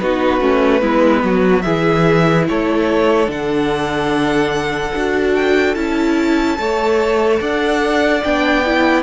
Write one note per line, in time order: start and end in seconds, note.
0.00 0.41 B3
0.00 0.41 D#4
0.00 0.82 F#4
0.00 1.62 B4
0.41 0.82 A3
0.41 0.81 C#4
0.81 1.23 G#3
0.81 1.63 B3
0.81 1.23 E4
1.24 1.65 F#3
1.24 1.65 F#4
1.62 2.49 E3
1.62 3.27 E4
1.62 2.47 G#4
1.62 2.44 E5
2.49 3.29 A3
2.49 6.60 A4
2.49 3.31 C#5
3.27 4.93 D3
3.27 4.91 D4
3.27 5.36 F#5
4.95 5.76 D4
4.95 5.76 F#4
5.36 5.75 G5
5.75 6.58 C#4
5.75 6.58 E4
5.75 7.40 A5
6.59 7.41 A3
6.59 8.23 A4
6.59 7.41 C#5
7.41 8.23 D4
7.41 9.03 D5
7.41 8.24 F#5
8.24 9.03 B3
8.24 8.65 D4
8.24 9.03 G5
8.66 9.03 E4